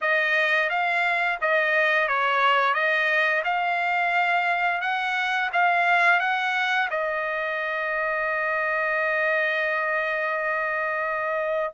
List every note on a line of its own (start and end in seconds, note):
0.01 0.69 D#5
0.69 1.38 F5
1.41 2.08 D#5
2.08 2.73 C#5
2.73 3.42 D#5
3.44 4.81 F5
4.81 5.50 F#5
5.52 6.19 F5
6.19 6.88 F#5
6.90 11.73 D#5